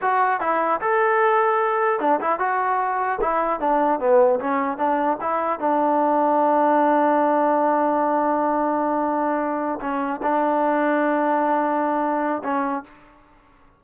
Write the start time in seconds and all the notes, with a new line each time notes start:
0.01 F#4
0.40 E4
0.80 A4
2.00 D4
2.21 E4
2.39 F#4
3.21 E4
3.59 D4
3.99 B3
4.39 C#4
4.77 D4
5.20 E4
5.59 D4
9.80 C#4
10.22 D4
12.43 C#4